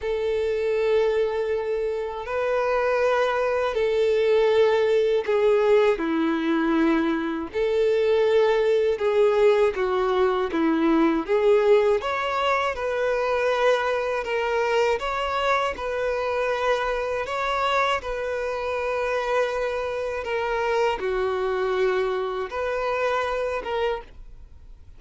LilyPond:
\new Staff \with { instrumentName = "violin" } { \time 4/4 \tempo 4 = 80 a'2. b'4~ | b'4 a'2 gis'4 | e'2 a'2 | gis'4 fis'4 e'4 gis'4 |
cis''4 b'2 ais'4 | cis''4 b'2 cis''4 | b'2. ais'4 | fis'2 b'4. ais'8 | }